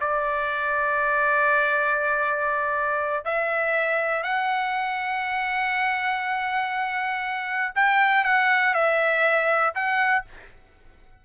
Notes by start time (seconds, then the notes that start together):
0.00 D5
3.24 E5
4.23 F#5
7.75 G5
8.24 F#5
8.74 E5
9.74 F#5